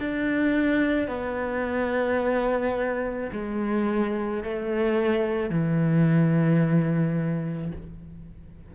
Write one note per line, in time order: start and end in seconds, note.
0.00 1.08 D4
1.08 3.30 B3
3.32 4.43 G#3
4.44 5.50 A3
5.50 7.72 E3